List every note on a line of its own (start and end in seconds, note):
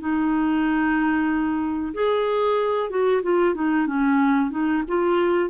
0.00 1.94 D#4
1.94 2.90 G#4
2.90 3.22 F#4
3.23 3.55 F4
3.55 3.87 D#4
3.87 4.51 C#4
4.51 4.83 D#4
4.88 5.50 F4